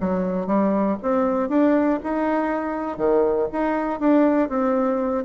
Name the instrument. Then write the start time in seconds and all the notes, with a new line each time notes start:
bassoon
0.00 F#3
0.46 G3
1.02 C4
1.49 D4
2.03 D#4
2.97 D#3
3.52 D#4
3.99 D4
4.49 C4